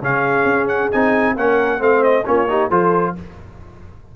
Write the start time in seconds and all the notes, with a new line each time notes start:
0.00 C#3 C#4 G#4 F5
0.45 C#4
0.68 F#5
0.91 C4 D#4 G#5
1.36 A#3 C#4 A#4 F#5
1.79 A3 C4 C5 F5
2.03 D#5
2.25 A#3 C#4 F4 C#5
2.48 D#4 G4
2.69 F3 F4 A4 C5